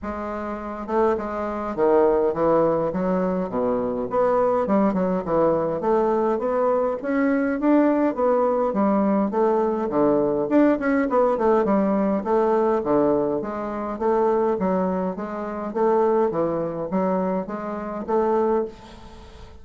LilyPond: \new Staff \with { instrumentName = "bassoon" } { \time 4/4 \tempo 4 = 103 gis4. a8 gis4 dis4 | e4 fis4 b,4 b4 | g8 fis8 e4 a4 b4 | cis'4 d'4 b4 g4 |
a4 d4 d'8 cis'8 b8 a8 | g4 a4 d4 gis4 | a4 fis4 gis4 a4 | e4 fis4 gis4 a4 | }